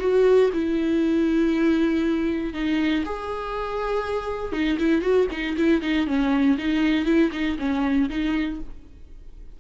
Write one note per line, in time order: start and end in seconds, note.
0.00 0.50 F#4
0.53 2.54 E4
2.54 3.04 D#4
3.05 4.53 G#4
4.53 4.78 D#4
4.79 5.02 E4
5.02 5.27 F#4
5.31 5.57 D#4
5.57 5.82 E4
5.82 6.07 D#4
6.07 6.58 C#4
6.58 7.06 D#4
7.06 7.31 E4
7.32 7.57 D#4
7.59 8.09 C#4
8.10 8.60 D#4